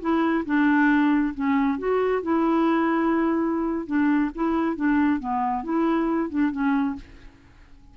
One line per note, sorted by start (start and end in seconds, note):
0.00 0.44 E4
0.46 1.34 D4
1.34 1.78 C#4
1.78 2.22 F#4
2.22 3.86 E4
3.86 4.30 D4
4.35 4.75 E4
4.75 5.19 D4
5.19 5.64 B3
5.64 6.29 E4
6.29 6.51 D4
6.51 6.95 C#4